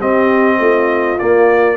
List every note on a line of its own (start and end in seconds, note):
0.00 1.19 C4
0.00 0.59 C4
0.00 0.59 G4
0.00 1.19 D#5
0.59 1.18 A3
0.59 1.77 F4
1.19 1.77 A#3
1.19 1.77 D5